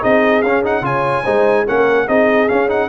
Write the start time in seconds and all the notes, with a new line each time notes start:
0.00 C4 D#4 G#4 D#5
0.42 C#4 F5
0.64 D#4 F#5
0.81 C#3 F4 C#5 G#5
1.24 G#3 D#4 C5
1.67 A#3 C#4 A#4 F#5
2.07 C4 D#4 G#4 D#5
2.48 C#4 F5
2.68 D#4 F#5